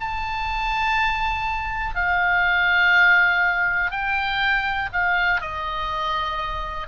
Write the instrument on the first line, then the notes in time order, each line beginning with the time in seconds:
oboe
0.00 A5
1.95 F5
3.91 G5
4.92 F5
5.41 D#5